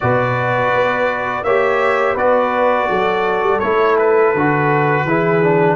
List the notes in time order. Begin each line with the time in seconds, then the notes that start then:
0.00 B2 F#4 B4 D5
0.73 B3
1.43 A#3 G4 C#5 E5
2.14 B3 F#4 B4 D5
2.89 F#3 A4
3.42 G3
3.59 A3 E4 C#5
3.98 B4
4.33 D3 F#4
5.04 E3 E4 G#4
5.43 D4